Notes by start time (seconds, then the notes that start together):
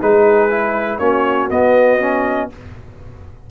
0.00 G#3 D#4 G#4 B4
0.50 E4
0.99 A#3 C#4 F#4 C#5
1.50 B3 D#5
2.00 C#4